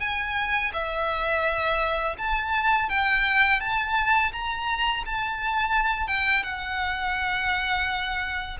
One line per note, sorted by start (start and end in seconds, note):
0.00 0.71 G#5
0.73 2.16 E5
2.18 2.89 A5
2.89 3.60 G5
3.60 4.32 A5
4.32 5.04 A#5
5.06 6.07 A5
6.07 6.43 G5
6.43 8.57 F#5